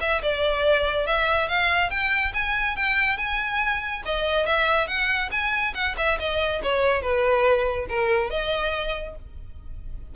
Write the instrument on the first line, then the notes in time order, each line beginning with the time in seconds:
violin
0.00 E5
0.22 D5
1.06 E5
1.48 F5
1.90 G5
2.34 G#5
2.76 G5
3.17 G#5
4.05 D#5
4.46 E5
4.87 F#5
5.31 G#5
5.74 F#5
5.97 E5
6.19 D#5
6.62 C#5
7.01 B4
7.89 A#4
8.30 D#5